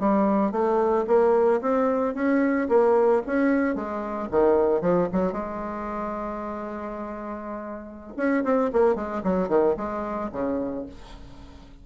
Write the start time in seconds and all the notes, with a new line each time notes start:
0.00 G3
0.52 A3
1.07 A#3
1.62 C4
2.15 C#4
2.69 A#3
3.27 C#4
3.75 G#3
4.31 D#3
4.82 F3
5.13 F#3
5.33 G#3
8.17 C#4
8.44 C4
8.73 A#3
8.96 G#3
9.24 F#3
9.49 D#3
9.77 G#3
10.32 C#3